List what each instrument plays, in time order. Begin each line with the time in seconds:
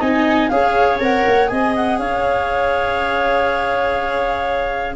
0.00 tuba C4, viola D#4, clarinet D#5, flute G#5
0.49 tuba C#4, viola G#4, clarinet C#5, flute F5
0.99 tuba C4, viola A#4, flute F#5
1.27 tuba A#3
1.47 tuba C4, viola G#4, clarinet D#5, flute G#5
1.76 flute F#5
1.99 tuba C#4, clarinet C#5, flute F5